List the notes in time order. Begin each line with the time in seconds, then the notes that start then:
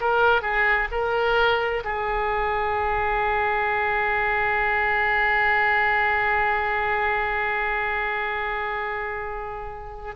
0.00 A#4
0.42 G#4
0.91 A#4
1.84 G#4